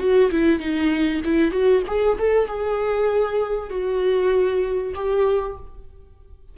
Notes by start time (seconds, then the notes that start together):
0.00 F#4
0.31 E4
0.60 D#4
1.25 E4
1.52 F#4
1.87 G#4
2.19 A4
2.48 G#4
3.70 F#4
4.95 G4